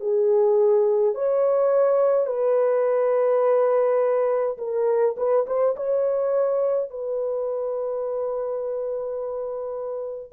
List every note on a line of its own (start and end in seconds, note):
0.00 1.14 G#4
1.14 2.26 C#5
2.26 4.57 B4
4.57 5.15 A#4
5.17 5.45 B4
5.47 5.75 C5
5.76 6.90 C#5
6.90 10.32 B4